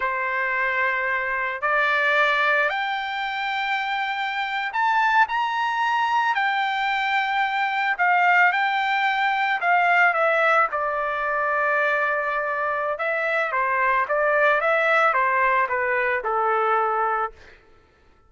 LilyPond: \new Staff \with { instrumentName = "trumpet" } { \time 4/4 \tempo 4 = 111 c''2. d''4~ | d''4 g''2.~ | g''8. a''4 ais''2 g''16~ | g''2~ g''8. f''4 g''16~ |
g''4.~ g''16 f''4 e''4 d''16~ | d''1 | e''4 c''4 d''4 e''4 | c''4 b'4 a'2 | }